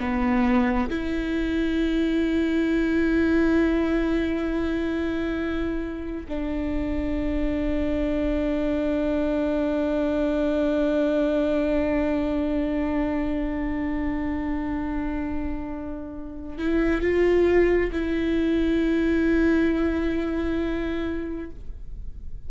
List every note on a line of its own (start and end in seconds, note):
0.00 0.90 B3
0.90 6.27 E4
6.29 16.58 D4
16.58 17.02 E4
17.02 17.91 F4
17.92 21.50 E4